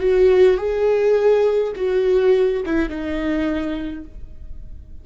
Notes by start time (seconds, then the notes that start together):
0.00 F#4
0.58 G#4
1.76 F#4
2.66 E4
2.89 D#4